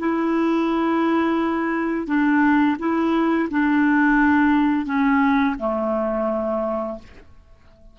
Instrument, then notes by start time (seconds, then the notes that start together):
clarinet
0.00 E4
2.07 D4
2.79 E4
3.51 D4
4.86 C#4
5.60 A3